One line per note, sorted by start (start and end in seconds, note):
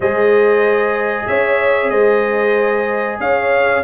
0.00 1.27 G#3
0.00 3.83 G#4
0.00 1.26 C5
0.00 1.27 D#5
1.27 1.91 C#4
1.27 1.91 C#5
1.27 1.90 E5
1.90 3.19 G#3
1.90 3.19 C5
1.90 3.17 D#5
3.19 3.83 C#4
3.19 3.83 C#5
3.19 3.83 F5